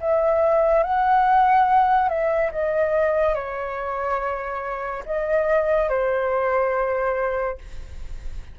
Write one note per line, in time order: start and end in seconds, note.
0.00 0.83 E5
0.83 2.08 F#5
2.08 2.50 E5
2.51 3.34 D#5
3.34 5.03 C#5
5.05 5.89 D#5
5.89 7.58 C5